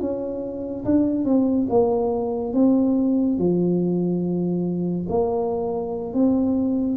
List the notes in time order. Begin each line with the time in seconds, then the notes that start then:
0.00 C#4
0.85 D4
1.25 C4
1.69 A#3
2.54 C4
3.38 F3
5.09 A#3
6.13 C4